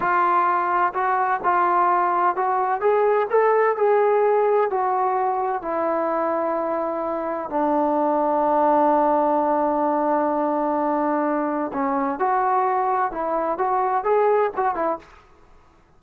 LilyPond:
\new Staff \with { instrumentName = "trombone" } { \time 4/4 \tempo 4 = 128 f'2 fis'4 f'4~ | f'4 fis'4 gis'4 a'4 | gis'2 fis'2 | e'1 |
d'1~ | d'1~ | d'4 cis'4 fis'2 | e'4 fis'4 gis'4 fis'8 e'8 | }